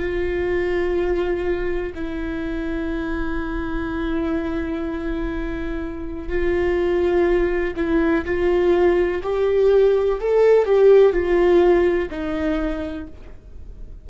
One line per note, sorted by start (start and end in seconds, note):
0.00 1.94 F4
1.95 6.29 E4
6.29 7.74 F4
7.77 8.25 E4
8.25 9.22 F4
9.23 10.20 G4
10.21 10.66 A4
10.66 11.13 G4
11.13 12.10 F4
12.11 13.07 D#4